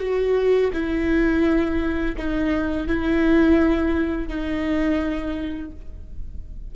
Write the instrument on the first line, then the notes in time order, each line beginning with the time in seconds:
viola
0.00 F#4
0.73 E4
2.18 D#4
2.88 E4
4.29 D#4